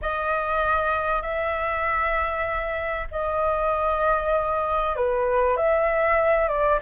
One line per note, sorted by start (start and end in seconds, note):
0.01 1.21 D#5
1.21 3.07 E5
3.11 4.96 D#5
4.96 5.56 B4
5.56 6.48 E5
6.48 6.79 D5